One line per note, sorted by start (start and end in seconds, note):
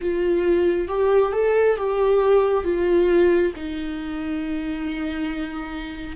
0.01 0.88 F4
0.88 1.32 G4
1.32 1.76 A4
1.76 2.64 G4
2.64 3.52 F4
3.55 6.16 D#4